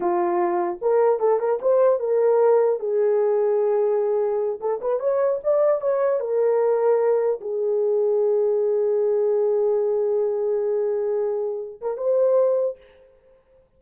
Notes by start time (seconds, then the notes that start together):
0.00 F4
0.81 A#4
1.19 A4
1.39 A#4
1.61 C5
1.99 A#4
2.79 G#4
4.60 A4
4.81 B4
4.99 C#5
5.43 D5
5.81 C#5
6.20 A#4
7.40 G#4
11.81 A#4
11.97 C5